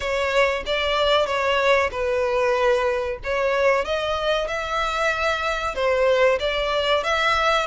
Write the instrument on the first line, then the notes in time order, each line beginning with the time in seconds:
violin
0.00 C#5
0.66 D5
1.26 C#5
1.91 B4
3.23 C#5
3.85 D#5
4.47 E5
5.75 C5
6.39 D5
7.03 E5